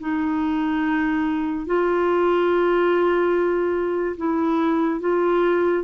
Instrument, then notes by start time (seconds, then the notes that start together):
clarinet
0.00 D#4
1.66 F4
4.17 E4
5.00 F4